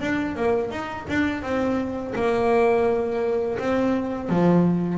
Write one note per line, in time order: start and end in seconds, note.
0.00 0.36 D4
0.36 0.71 A#3
0.71 1.06 D#4
1.08 1.42 D4
1.42 2.14 C4
2.15 3.58 A#3
3.58 4.29 C4
4.29 4.98 F3